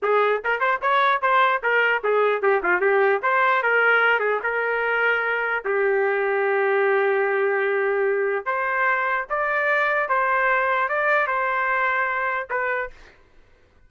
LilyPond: \new Staff \with { instrumentName = "trumpet" } { \time 4/4 \tempo 4 = 149 gis'4 ais'8 c''8 cis''4 c''4 | ais'4 gis'4 g'8 f'8 g'4 | c''4 ais'4. gis'8 ais'4~ | ais'2 g'2~ |
g'1~ | g'4 c''2 d''4~ | d''4 c''2 d''4 | c''2. b'4 | }